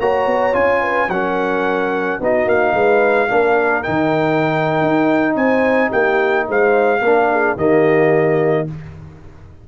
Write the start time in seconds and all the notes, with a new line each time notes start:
0.00 A#3 F#4 C#5 A#5
0.27 B3
0.53 C#4 F4 G#5
0.82 B4
1.09 F#3 C#4 A#4 F#5
2.21 B3 D#4 F#4 D#5
2.46 A#3 F5
2.74 G#3 B4
3.28 A#3 D4 A#4
3.83 D#3 D#4 G5
4.82 D#4
5.36 C4 C5 G#5
5.90 A#3 G4 G5
6.48 G#3 C5 F5
7.00 A#3 A#4
7.06 D4
7.31 G#4
7.57 D#3 A#3 G4 D#5